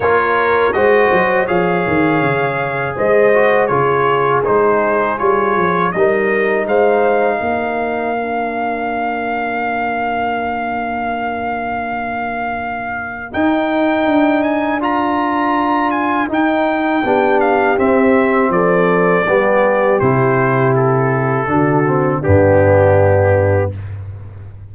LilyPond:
<<
  \new Staff \with { instrumentName = "trumpet" } { \time 4/4 \tempo 4 = 81 cis''4 dis''4 f''2 | dis''4 cis''4 c''4 cis''4 | dis''4 f''2.~ | f''1~ |
f''2 g''4. gis''8 | ais''4. gis''8 g''4. f''8 | e''4 d''2 c''4 | a'2 g'2 | }
  \new Staff \with { instrumentName = "horn" } { \time 4/4 ais'4 c''4 cis''2 | c''4 gis'2. | ais'4 c''4 ais'2~ | ais'1~ |
ais'1~ | ais'2. g'4~ | g'4 a'4 g'2~ | g'4 fis'4 d'2 | }
  \new Staff \with { instrumentName = "trombone" } { \time 4/4 f'4 fis'4 gis'2~ | gis'8 fis'8 f'4 dis'4 f'4 | dis'2. d'4~ | d'1~ |
d'2 dis'2 | f'2 dis'4 d'4 | c'2 b4 e'4~ | e'4 d'8 c'8 b2 | }
  \new Staff \with { instrumentName = "tuba" } { \time 4/4 ais4 gis8 fis8 f8 dis8 cis4 | gis4 cis4 gis4 g8 f8 | g4 gis4 ais2~ | ais1~ |
ais2 dis'4 d'4~ | d'2 dis'4 b4 | c'4 f4 g4 c4~ | c4 d4 g,2 | }
>>